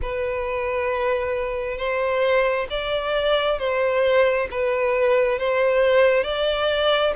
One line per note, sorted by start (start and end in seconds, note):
0.02 1.77 B4
1.77 2.67 C5
2.69 3.58 D5
3.58 4.48 C5
4.50 5.39 B4
5.39 6.23 C5
6.23 7.13 D5